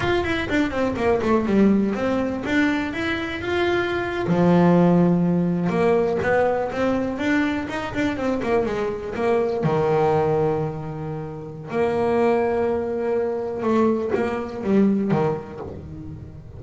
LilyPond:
\new Staff \with { instrumentName = "double bass" } { \time 4/4 \tempo 4 = 123 f'8 e'8 d'8 c'8 ais8 a8 g4 | c'4 d'4 e'4 f'4~ | f'8. f2. ais16~ | ais8. b4 c'4 d'4 dis'16~ |
dis'16 d'8 c'8 ais8 gis4 ais4 dis16~ | dis1 | ais1 | a4 ais4 g4 dis4 | }